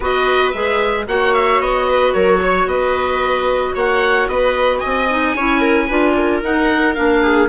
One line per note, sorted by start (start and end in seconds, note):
0.00 0.53 B3
0.00 0.53 F#4
0.00 1.07 B4
0.00 0.51 D#5
0.51 1.07 G#3
0.51 1.07 G#4
0.51 1.04 E5
1.07 1.60 A#3
1.07 5.08 F#4
1.07 1.88 C#5
1.07 1.33 F#5
1.33 1.60 E5
1.60 2.13 B3
1.60 2.13 D#5
1.88 2.14 B4
2.13 2.66 F#3
2.13 2.41 A#4
2.13 2.67 C#5
2.42 2.69 C#5
2.66 3.73 B3
2.66 3.75 B4
2.66 3.75 D#5
3.75 4.27 A#3
3.75 4.28 C#5
3.75 4.28 F#5
4.27 4.81 B3
4.27 4.80 B4
4.27 4.78 D#5
4.78 5.34 D#5
4.78 6.39 G#5
4.85 5.34 C4
5.09 5.36 D#4
5.34 5.88 C#4
5.34 5.89 E4
5.34 5.59 C#5
5.59 5.86 A#4
5.87 6.42 D4
5.87 6.42 F4
5.87 6.13 B4
6.16 7.22 A#4
6.42 6.96 D#4
6.42 6.95 D#4
6.42 6.94 F#5
6.94 7.48 A#3
6.94 7.48 D4
6.94 7.48 F5
7.22 7.48 G#4